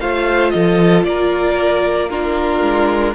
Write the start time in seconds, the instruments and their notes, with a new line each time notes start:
0.00 cello A3, viola F4, violin C5 F5
0.50 cello F3, violin A4 D#5
1.04 cello A#3, violin A#4 D5
2.09 viola D4, violin F4 A#4
2.61 cello G#3